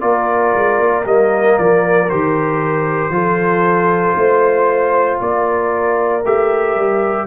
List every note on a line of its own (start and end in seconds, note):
0.00 0.53 A#3
0.00 1.03 F4
0.00 3.13 A#4
0.00 1.04 D5
0.54 0.79 G#3
0.79 1.05 A#3
1.05 1.56 G3
1.05 2.09 A#3
1.05 1.58 D#5
1.58 2.10 F3
1.58 2.09 D5
2.09 3.09 D#3
2.09 3.11 G4
2.09 5.19 C5
3.09 4.13 F3
3.09 6.22 F4
3.09 4.17 A4
4.15 5.19 A3
4.15 5.20 C5
5.20 6.24 A#3
5.20 7.27 A#4
5.20 6.24 D5
6.25 6.76 A3
6.25 7.27 G4
6.25 7.27 E5
6.76 7.27 G3